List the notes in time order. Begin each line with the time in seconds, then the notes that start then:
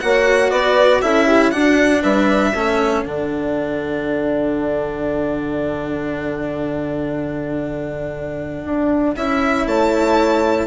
0.00 A#3 F#4 C#5 F#5
0.50 B3 B4 D5
1.02 C#4 E4 A4 E5
1.27 G4
1.51 D4 F#4 F#5
2.03 G3 B4 E5
2.53 A3 C#4 A4
3.04 D3 D4 F#5
8.65 D4
9.16 C#4 E4 E5
9.66 A3 C#5 A5